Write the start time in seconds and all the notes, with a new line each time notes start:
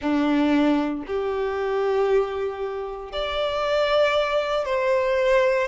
0.01 D4
1.06 G4
3.12 D5
4.65 C5